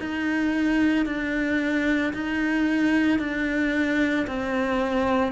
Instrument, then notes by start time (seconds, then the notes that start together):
cello
0.00 D#4
1.06 D4
2.14 D#4
3.19 D4
4.28 C4